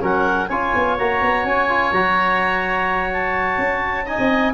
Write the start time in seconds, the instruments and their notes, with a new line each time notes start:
0.00 tuba F#3, trombone C#4, oboe A#4, clarinet F#5
0.48 tuba C#4, trombone F4, oboe C#5, clarinet G#5
0.75 tuba B3
0.98 tuba A#3, trombone F#4, clarinet A#5
1.21 tuba B3
1.44 tuba C#4, clarinet G#5
1.68 trombone F4
1.92 tuba F#3, trombone F#4, clarinet A#5
3.13 clarinet A5
3.58 tuba C#4
4.05 trombone D#4, oboe D#5, clarinet G#5
4.18 tuba C4